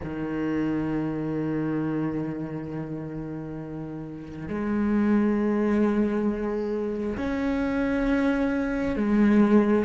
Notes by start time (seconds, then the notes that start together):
0.03 D#3
4.48 G#3
7.17 C#4
8.96 G#3